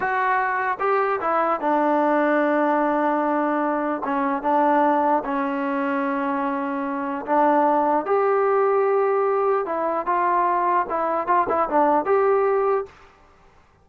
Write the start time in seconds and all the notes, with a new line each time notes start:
0.00 F#4
0.79 G4
1.21 E4
1.60 D4
4.04 C#4
4.42 D4
5.24 C#4
7.25 D4
8.05 G4
9.65 E4
10.06 F4
10.89 E4
11.27 F4
11.48 E4
11.69 D4
12.05 G4